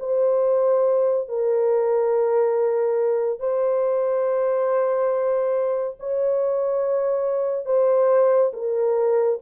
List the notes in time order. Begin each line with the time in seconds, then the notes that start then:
0.00 C5
1.29 A#4
3.40 C5
6.00 C#5
7.66 C5
8.54 A#4